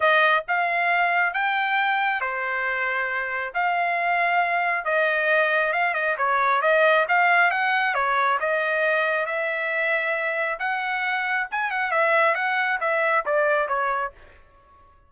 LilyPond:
\new Staff \with { instrumentName = "trumpet" } { \time 4/4 \tempo 4 = 136 dis''4 f''2 g''4~ | g''4 c''2. | f''2. dis''4~ | dis''4 f''8 dis''8 cis''4 dis''4 |
f''4 fis''4 cis''4 dis''4~ | dis''4 e''2. | fis''2 gis''8 fis''8 e''4 | fis''4 e''4 d''4 cis''4 | }